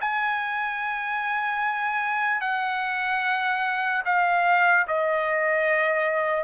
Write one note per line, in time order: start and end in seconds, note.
0.00 2.40 G#5
2.40 4.02 F#5
4.05 4.86 F5
4.87 6.43 D#5